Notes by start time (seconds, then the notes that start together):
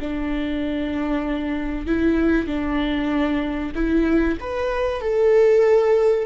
0.00 D4
1.87 E4
2.47 D4
3.75 E4
4.40 B4
5.01 A4